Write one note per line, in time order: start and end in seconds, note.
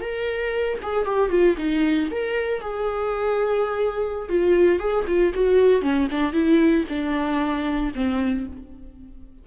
0.00 0.78 A#4
0.82 1.05 G#4
1.05 1.30 G4
1.30 1.55 F4
1.57 2.09 D#4
2.10 2.61 A#4
2.61 4.28 G#4
4.28 4.79 F4
4.79 5.05 G#4
5.07 5.33 F4
5.33 5.81 F#4
5.81 6.07 C#4
6.11 6.32 D4
6.32 6.84 E4
6.88 7.92 D4
7.94 8.46 C4